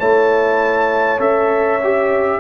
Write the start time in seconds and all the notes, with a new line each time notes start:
0.00 A3 E4 C#5 A5
1.19 C#4 A4 E5
1.84 G4